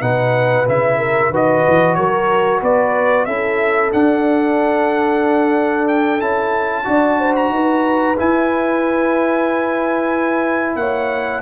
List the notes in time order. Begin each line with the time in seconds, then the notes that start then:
0.00 B2 D#4 B4 F#5
0.67 C#3 E4 E5
0.98 A#4
1.29 D#3 F#4 B4 D#5
1.67 E3
1.94 F#3 A#4 C#5
2.61 B3 B4 D5
3.25 C#4 E4 A4 E5
3.92 D4 F#5
5.88 G5
6.20 C#4 E4 A5
6.84 D4 F#4 D5
7.19 C5
7.35 A#5
7.49 D#4 B4
8.17 E4 G#5
10.75 A#3 C#5 F#5